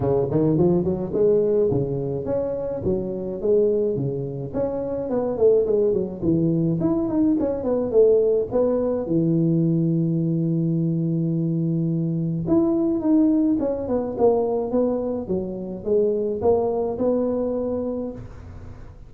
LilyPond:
\new Staff \with { instrumentName = "tuba" } { \time 4/4 \tempo 4 = 106 cis8 dis8 f8 fis8 gis4 cis4 | cis'4 fis4 gis4 cis4 | cis'4 b8 a8 gis8 fis8 e4 | e'8 dis'8 cis'8 b8 a4 b4 |
e1~ | e2 e'4 dis'4 | cis'8 b8 ais4 b4 fis4 | gis4 ais4 b2 | }